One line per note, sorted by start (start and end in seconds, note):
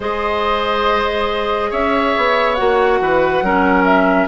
0.00 1.72 G#3
0.00 2.57 G#4
0.00 1.70 C5
0.00 1.72 D#5
1.70 2.15 C#4
1.70 2.99 C#5
1.70 2.54 E5
2.17 2.59 B3
2.54 3.00 A#3
2.54 3.43 F#4
2.54 3.83 F#5
3.00 3.41 E3
3.00 3.44 B4
3.41 4.27 F#3
3.41 4.27 C#4
3.41 4.27 A#4
3.84 4.27 E5